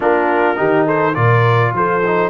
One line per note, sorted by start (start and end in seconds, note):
0.00 0.58 A#3
0.00 0.56 D4
0.00 0.57 F4
0.00 0.87 A#4
0.56 1.16 D#3
0.56 1.13 D#4
0.56 0.85 G4
0.85 1.14 A4
0.85 1.14 C5
1.14 1.72 A#2
1.14 2.00 F4
1.14 1.73 A#4
1.14 1.72 D5
1.72 2.29 F3
1.72 2.29 A4
1.72 2.29 C5
2.06 2.29 D#4